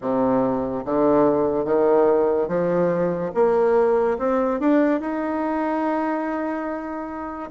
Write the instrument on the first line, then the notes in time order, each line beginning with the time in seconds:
bassoon
0.01 C3
0.85 D3
1.64 D#3
2.48 F3
3.34 A#3
4.18 C4
4.60 D4
5.00 D#4